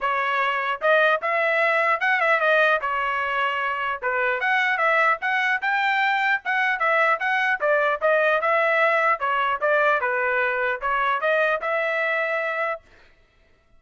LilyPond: \new Staff \with { instrumentName = "trumpet" } { \time 4/4 \tempo 4 = 150 cis''2 dis''4 e''4~ | e''4 fis''8 e''8 dis''4 cis''4~ | cis''2 b'4 fis''4 | e''4 fis''4 g''2 |
fis''4 e''4 fis''4 d''4 | dis''4 e''2 cis''4 | d''4 b'2 cis''4 | dis''4 e''2. | }